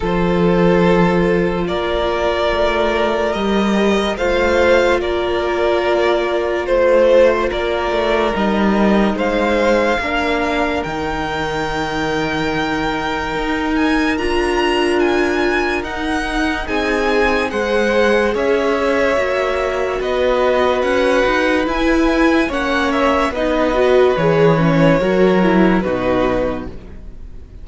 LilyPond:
<<
  \new Staff \with { instrumentName = "violin" } { \time 4/4 \tempo 4 = 72 c''2 d''2 | dis''4 f''4 d''2 | c''4 d''4 dis''4 f''4~ | f''4 g''2.~ |
g''8 gis''8 ais''4 gis''4 fis''4 | gis''4 fis''4 e''2 | dis''4 fis''4 gis''4 fis''8 e''8 | dis''4 cis''2 b'4 | }
  \new Staff \with { instrumentName = "violin" } { \time 4/4 a'2 ais'2~ | ais'4 c''4 ais'2 | c''4 ais'2 c''4 | ais'1~ |
ais'1 | gis'4 c''4 cis''2 | b'2. cis''4 | b'2 ais'4 fis'4 | }
  \new Staff \with { instrumentName = "viola" } { \time 4/4 f'1 | g'4 f'2.~ | f'2 dis'2 | d'4 dis'2.~ |
dis'4 f'2 dis'4~ | dis'4 gis'2 fis'4~ | fis'2 e'4 cis'4 | dis'8 fis'8 gis'8 cis'8 fis'8 e'8 dis'4 | }
  \new Staff \with { instrumentName = "cello" } { \time 4/4 f2 ais4 a4 | g4 a4 ais2 | a4 ais8 a8 g4 gis4 | ais4 dis2. |
dis'4 d'2 dis'4 | c'4 gis4 cis'4 ais4 | b4 cis'8 dis'8 e'4 ais4 | b4 e4 fis4 b,4 | }
>>